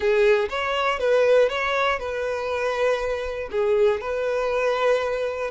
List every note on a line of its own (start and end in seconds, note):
0.00 0.48 G#4
0.49 0.99 C#5
0.99 1.49 B4
1.49 1.99 C#5
1.99 3.49 B4
3.51 4.00 G#4
4.00 5.50 B4